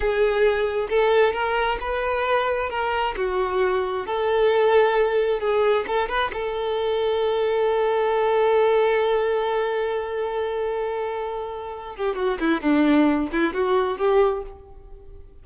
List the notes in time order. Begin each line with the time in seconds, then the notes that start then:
0.00 G#4
0.89 A4
1.33 A#4
1.80 B4
2.69 A#4
3.17 F#4
4.06 A4
5.40 G#4
5.87 A4
6.08 B4
6.33 A4
11.95 G4
12.15 F#4
12.40 E4
12.61 D4
13.31 E4
13.53 F#4
13.97 G4